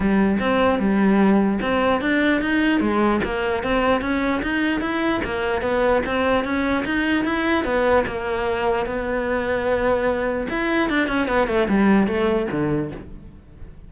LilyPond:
\new Staff \with { instrumentName = "cello" } { \time 4/4 \tempo 4 = 149 g4 c'4 g2 | c'4 d'4 dis'4 gis4 | ais4 c'4 cis'4 dis'4 | e'4 ais4 b4 c'4 |
cis'4 dis'4 e'4 b4 | ais2 b2~ | b2 e'4 d'8 cis'8 | b8 a8 g4 a4 d4 | }